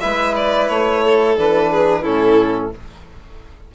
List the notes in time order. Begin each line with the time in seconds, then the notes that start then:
0.00 G#3 E4 B4 E5
0.36 D5
0.68 A3 C#5
1.04 A4
1.37 E3 D4 B4
1.71 G#4
2.02 A2 C#4 E4 A4